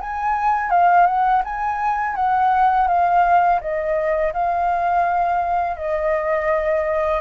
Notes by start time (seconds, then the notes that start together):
0.00 G#5
0.70 F5
1.06 F#5
1.44 G#5
2.16 F#5
2.88 F5
3.60 D#5
4.33 F5
5.76 D#5